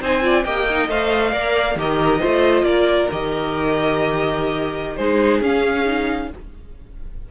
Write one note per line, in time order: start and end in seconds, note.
0.00 0.44 C4
0.00 0.22 D#4
0.00 0.22 C5
0.00 0.44 G#5
0.22 0.44 F4
0.22 0.44 D5
0.44 0.88 A#3
0.44 0.67 G4
0.44 1.32 D#5
0.44 0.88 G5
0.70 0.90 D#4
0.88 1.32 A3
0.88 1.33 C5
0.88 1.78 F5
1.32 1.75 A#3
1.32 1.77 A#4
1.32 1.76 D5
1.75 2.20 D#3
1.75 2.19 G4
1.75 2.20 A#4
1.75 2.64 D#5
2.19 2.63 A3
2.19 3.08 F4
2.19 2.65 C5
2.63 3.07 A#3
2.63 4.96 A#4
2.63 3.08 D5
3.11 4.98 D#3
3.11 4.99 G4
3.11 4.96 D#5
4.96 5.41 G#3
4.96 5.43 D#4
4.96 6.28 G#4
4.96 5.40 C5
5.41 6.29 C#4
5.41 5.85 C#4
5.41 6.31 F5
5.85 6.29 D#4